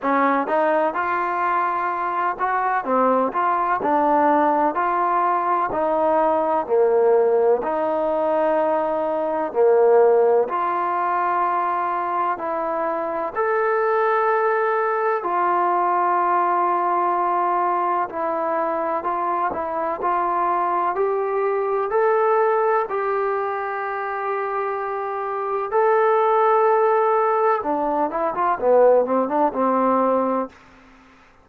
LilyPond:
\new Staff \with { instrumentName = "trombone" } { \time 4/4 \tempo 4 = 63 cis'8 dis'8 f'4. fis'8 c'8 f'8 | d'4 f'4 dis'4 ais4 | dis'2 ais4 f'4~ | f'4 e'4 a'2 |
f'2. e'4 | f'8 e'8 f'4 g'4 a'4 | g'2. a'4~ | a'4 d'8 e'16 f'16 b8 c'16 d'16 c'4 | }